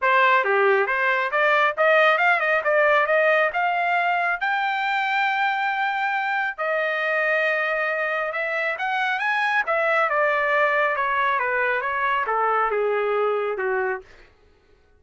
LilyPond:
\new Staff \with { instrumentName = "trumpet" } { \time 4/4 \tempo 4 = 137 c''4 g'4 c''4 d''4 | dis''4 f''8 dis''8 d''4 dis''4 | f''2 g''2~ | g''2. dis''4~ |
dis''2. e''4 | fis''4 gis''4 e''4 d''4~ | d''4 cis''4 b'4 cis''4 | a'4 gis'2 fis'4 | }